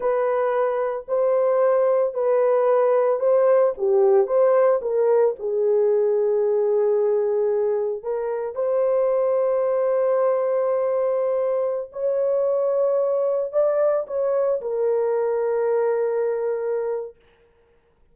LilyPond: \new Staff \with { instrumentName = "horn" } { \time 4/4 \tempo 4 = 112 b'2 c''2 | b'2 c''4 g'4 | c''4 ais'4 gis'2~ | gis'2. ais'4 |
c''1~ | c''2~ c''16 cis''4.~ cis''16~ | cis''4~ cis''16 d''4 cis''4 ais'8.~ | ais'1 | }